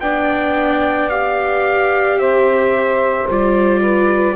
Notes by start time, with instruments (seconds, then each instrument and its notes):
0.00 double bass B3, viola D4, saxophone D5, trumpet G5
1.09 viola G4, trumpet F5
2.17 double bass C4, saxophone C5, trumpet E5
3.28 double bass G3, viola F4, trumpet D5
3.80 saxophone B4